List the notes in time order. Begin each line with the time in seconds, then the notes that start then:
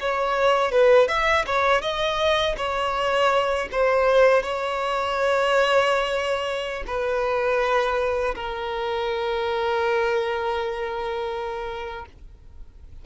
0.00 C#5
0.71 B4
1.08 E5
1.46 C#5
1.81 D#5
2.57 C#5
3.72 C5
4.43 C#5
6.87 B4
8.35 A#4